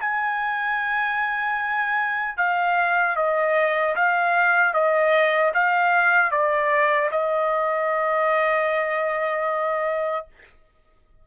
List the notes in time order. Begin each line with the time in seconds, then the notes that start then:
0.00 G#5
2.37 F5
3.16 D#5
3.95 F5
4.73 D#5
5.54 F5
6.31 D5
7.11 D#5